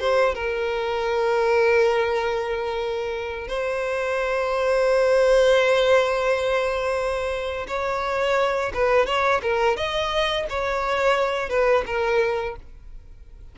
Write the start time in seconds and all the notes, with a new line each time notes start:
0.00 C5
0.35 A#4
3.48 C5
7.68 C#5
8.74 B4
9.06 C#5
9.42 A#4
9.77 D#5
10.49 C#5
11.50 B4
11.86 A#4